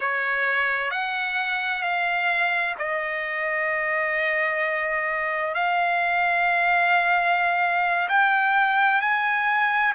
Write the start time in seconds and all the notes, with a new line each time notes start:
0.00 C#5
0.91 F#5
1.82 F5
2.78 D#5
5.54 F5
8.09 G5
9.01 G#5